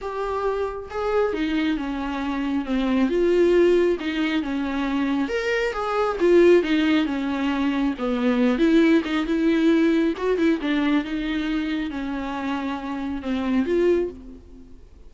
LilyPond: \new Staff \with { instrumentName = "viola" } { \time 4/4 \tempo 4 = 136 g'2 gis'4 dis'4 | cis'2 c'4 f'4~ | f'4 dis'4 cis'2 | ais'4 gis'4 f'4 dis'4 |
cis'2 b4. e'8~ | e'8 dis'8 e'2 fis'8 e'8 | d'4 dis'2 cis'4~ | cis'2 c'4 f'4 | }